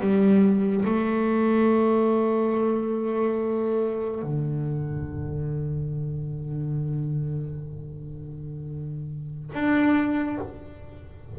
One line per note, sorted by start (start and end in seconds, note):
0.00 0.85 G3
0.85 4.22 A3
4.22 9.50 D3
9.54 10.39 D4